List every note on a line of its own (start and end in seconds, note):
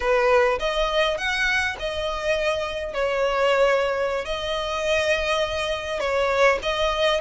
0.00 0.58 B4
0.59 1.17 D#5
1.17 1.76 F#5
1.79 2.93 D#5
2.93 4.25 C#5
4.25 6.00 D#5
6.00 6.59 C#5
6.62 7.20 D#5